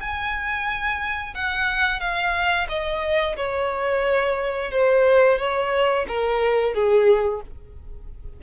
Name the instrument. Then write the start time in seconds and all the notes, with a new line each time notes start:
violin
0.00 G#5
1.34 F#5
2.00 F5
2.68 D#5
3.36 C#5
4.71 C5
5.38 C#5
6.08 A#4
6.74 G#4